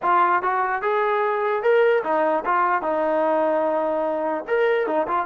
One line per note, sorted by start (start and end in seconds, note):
0.02 0.42 F4
0.42 0.82 F#4
0.82 1.62 G#4
1.62 2.03 A#4
2.03 2.44 D#4
2.45 2.82 F4
2.82 4.44 D#4
4.47 4.86 A#4
4.86 5.07 D#4
5.07 5.26 F4